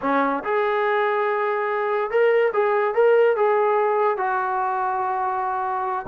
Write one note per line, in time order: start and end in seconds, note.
0.01 0.43 C#4
0.43 2.10 G#4
2.10 2.52 A#4
2.53 2.94 G#4
2.94 3.36 A#4
3.36 4.17 G#4
4.17 6.06 F#4